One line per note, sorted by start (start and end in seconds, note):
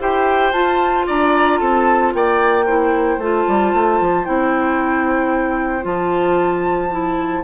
0.00 0.53 E4
0.00 0.54 G4
0.00 1.07 C5
0.00 0.52 G5
0.52 1.06 F4
0.52 2.66 F4
0.52 1.06 A5
1.07 1.61 D4
1.07 1.60 D5
1.07 1.60 A#5
1.60 2.14 C4
1.60 2.13 A4
1.60 2.13 A5
2.14 3.18 A#3
2.14 2.66 D5
2.14 3.20 G5
2.66 3.20 E4
2.66 7.44 C5
3.18 3.45 A3
3.18 4.25 F4
3.18 4.25 A5
3.48 3.74 G3
3.74 4.01 A3
4.01 4.27 F3
4.25 5.85 C4
4.25 5.82 E4
4.25 5.85 G5
5.82 7.44 F3
5.82 6.88 F4
5.82 7.44 A5
6.91 7.44 E4